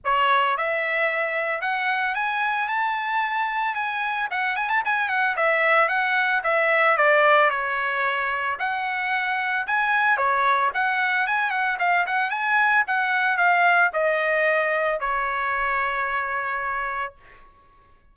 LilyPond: \new Staff \with { instrumentName = "trumpet" } { \time 4/4 \tempo 4 = 112 cis''4 e''2 fis''4 | gis''4 a''2 gis''4 | fis''8 gis''16 a''16 gis''8 fis''8 e''4 fis''4 | e''4 d''4 cis''2 |
fis''2 gis''4 cis''4 | fis''4 gis''8 fis''8 f''8 fis''8 gis''4 | fis''4 f''4 dis''2 | cis''1 | }